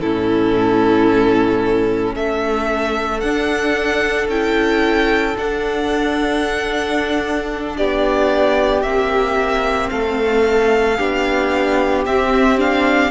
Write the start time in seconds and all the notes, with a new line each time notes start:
0.00 A2 C#4 E4 A4
2.14 A3 A4 E5
3.20 D4 F#5
4.27 C#4 E4 G5
5.35 D4 F#5
7.76 B3 G4 D5
8.82 A#3 C4 E5
9.89 A3 A4 F5
10.97 B3 D4 G4
12.05 C4 E5
12.57 D4 F5